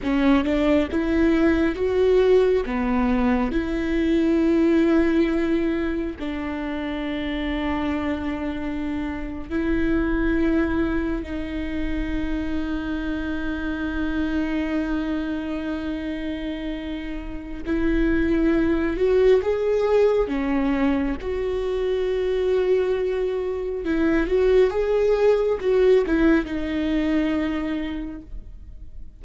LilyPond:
\new Staff \with { instrumentName = "viola" } { \time 4/4 \tempo 4 = 68 cis'8 d'8 e'4 fis'4 b4 | e'2. d'4~ | d'2~ d'8. e'4~ e'16~ | e'8. dis'2.~ dis'16~ |
dis'1 | e'4. fis'8 gis'4 cis'4 | fis'2. e'8 fis'8 | gis'4 fis'8 e'8 dis'2 | }